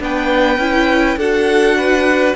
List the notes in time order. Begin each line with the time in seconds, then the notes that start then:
0.00 B3 D4 B4 G5
0.58 C#4 E4
1.17 D4 F#4 A4 F#5
1.78 B4